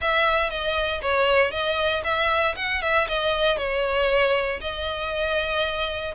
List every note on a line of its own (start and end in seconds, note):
0.01 0.50 E5
0.50 1.01 D#5
1.01 1.51 C#5
1.51 2.02 D#5
2.03 2.55 E5
2.56 2.81 F#5
2.82 3.07 E5
3.07 3.57 D#5
3.57 4.60 C#5
4.60 6.14 D#5